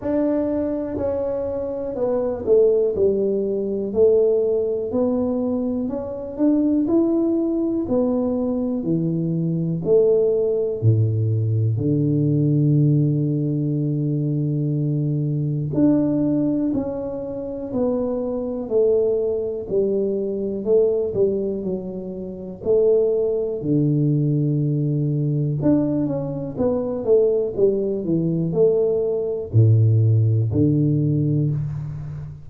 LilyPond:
\new Staff \with { instrumentName = "tuba" } { \time 4/4 \tempo 4 = 61 d'4 cis'4 b8 a8 g4 | a4 b4 cis'8 d'8 e'4 | b4 e4 a4 a,4 | d1 |
d'4 cis'4 b4 a4 | g4 a8 g8 fis4 a4 | d2 d'8 cis'8 b8 a8 | g8 e8 a4 a,4 d4 | }